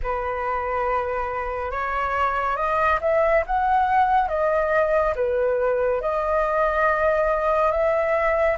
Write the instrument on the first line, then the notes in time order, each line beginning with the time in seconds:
flute
0.02 B4
1.71 C#5
2.56 D#5
3.01 E5
3.46 F#5
4.28 D#5
5.15 B4
6.01 D#5
7.71 E5